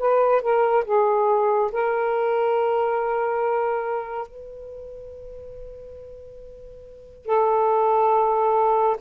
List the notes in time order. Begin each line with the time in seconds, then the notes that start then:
0.00 B4
0.42 A#4
0.85 G#4
1.73 A#4
4.28 B4
7.26 A4